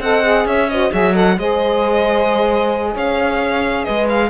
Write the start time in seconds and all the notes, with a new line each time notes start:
0.00 C4 A4 D#5 F#5
0.23 G#4
0.45 C#4 C#5 E5
0.70 F#4 C5 D#5
0.91 F#3 G#4 C#5 E5
1.12 A4 D#5 F#5
1.38 G#3 G#4 C5 D#5
2.94 C#4 C#5 F5
3.84 G#3 B4 D#5
4.09 F5